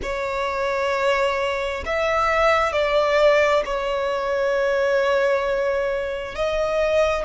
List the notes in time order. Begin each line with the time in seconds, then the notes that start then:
0.02 C#5
1.85 E5
2.72 D5
3.65 C#5
6.35 D#5